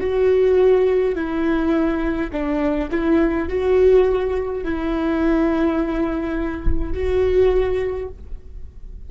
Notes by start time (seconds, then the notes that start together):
0.00 F#4
1.15 E4
2.32 D4
2.90 E4
3.48 F#4
4.63 E4
6.92 F#4